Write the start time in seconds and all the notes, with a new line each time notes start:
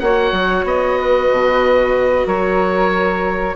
0.00 A#3 F#4 C#5 F#5
0.32 F#3
0.64 B3 D#5
1.00 B4
1.31 B2
2.26 F#3 A#4 C#5